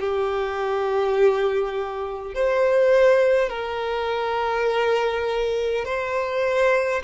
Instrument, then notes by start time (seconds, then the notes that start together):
violin
0.00 G4
2.35 C5
3.50 A#4
5.86 C5